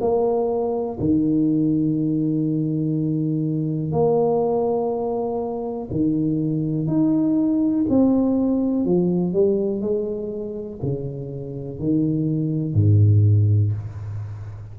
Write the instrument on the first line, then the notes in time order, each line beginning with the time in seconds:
tuba
0.00 A#3
1.00 D#3
3.92 A#3
5.91 D#3
6.87 D#4
7.89 C4
8.85 F3
9.33 G3
9.81 G#3
10.82 C#3
11.79 D#3
12.74 G#2